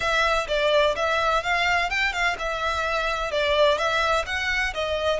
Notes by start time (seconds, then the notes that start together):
0.00 E5
0.47 D5
0.95 E5
1.43 F5
1.89 G5
2.12 F5
2.38 E5
3.31 D5
3.78 E5
4.26 F#5
4.74 D#5